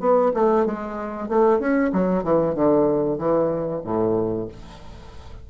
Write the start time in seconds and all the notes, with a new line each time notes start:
0.00 B3
0.34 A3
0.66 G#3
1.29 A3
1.59 C#4
1.93 F#3
2.23 E3
2.55 D3
3.18 E3
3.84 A2